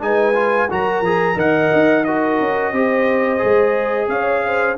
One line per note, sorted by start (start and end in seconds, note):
0.00 0.70 G#3
0.00 0.34 D#4
0.00 0.71 B4
0.00 0.70 G#5
0.35 0.69 F4
0.71 1.01 F#3
0.71 1.05 F#4
0.71 1.36 A#4
0.71 1.39 A#5
1.01 1.35 F3
1.01 1.36 G#4
1.36 1.70 D#3
1.36 2.04 A#4
1.36 2.04 D#5
1.36 2.05 F#5
1.74 2.40 D#4
2.05 2.74 F#4
2.05 2.74 A#4
2.05 4.09 D#5
2.40 2.72 C#4
2.72 3.40 C4
2.72 3.39 G4
2.72 4.09 C5
3.39 4.09 G#3
3.39 4.75 G#4
4.09 4.77 C#4
4.09 4.43 C#5
4.09 4.77 F5
4.45 4.78 C5